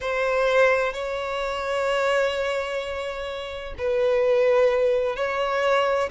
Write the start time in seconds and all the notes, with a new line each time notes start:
0.00 C5
0.93 C#5
3.78 B4
5.15 C#5